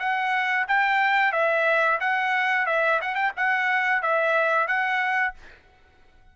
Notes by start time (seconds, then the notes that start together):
0.00 F#5
0.68 G5
1.33 E5
2.01 F#5
2.67 E5
3.02 F#5
3.15 G5
3.37 F#5
4.03 E5
4.68 F#5